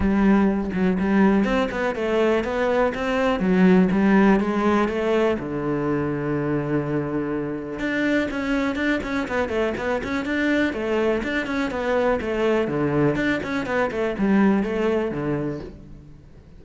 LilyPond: \new Staff \with { instrumentName = "cello" } { \time 4/4 \tempo 4 = 123 g4. fis8 g4 c'8 b8 | a4 b4 c'4 fis4 | g4 gis4 a4 d4~ | d1 |
d'4 cis'4 d'8 cis'8 b8 a8 | b8 cis'8 d'4 a4 d'8 cis'8 | b4 a4 d4 d'8 cis'8 | b8 a8 g4 a4 d4 | }